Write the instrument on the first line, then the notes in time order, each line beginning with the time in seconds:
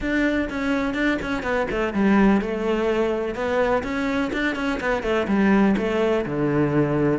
cello
0.00 D4
0.49 C#4
0.94 D4
1.21 C#4
1.42 B3
1.70 A3
1.93 G3
2.41 A3
3.34 B3
3.83 C#4
4.32 D4
4.55 C#4
4.80 B3
5.03 A3
5.27 G3
5.77 A3
6.25 D3